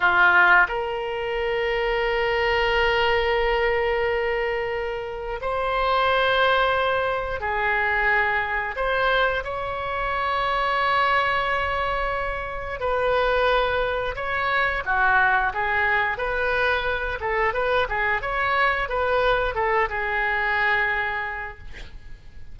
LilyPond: \new Staff \with { instrumentName = "oboe" } { \time 4/4 \tempo 4 = 89 f'4 ais'2.~ | ais'1 | c''2. gis'4~ | gis'4 c''4 cis''2~ |
cis''2. b'4~ | b'4 cis''4 fis'4 gis'4 | b'4. a'8 b'8 gis'8 cis''4 | b'4 a'8 gis'2~ gis'8 | }